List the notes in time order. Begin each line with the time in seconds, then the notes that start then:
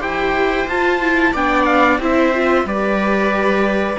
0.00 E4 G4 C5 G5
0.67 F4 A5
1.02 E4
1.33 B3 D4 D5 G5
1.66 F5
1.98 C4 E4 C5 E5
2.34 F4
2.65 G3 G4 B4 D5